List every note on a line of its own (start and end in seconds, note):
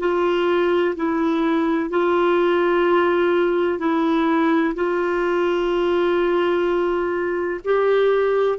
0.00 0.95 F4
0.97 1.90 E4
1.90 3.79 F4
3.79 4.74 E4
4.75 7.61 F4
7.65 8.59 G4